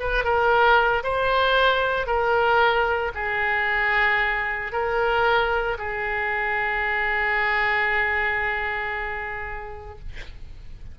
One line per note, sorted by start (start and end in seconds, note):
0.00 0.24 B4
0.24 1.03 A#4
1.04 2.07 C5
2.07 3.12 A#4
3.15 4.72 G#4
4.72 5.78 A#4
5.78 9.99 G#4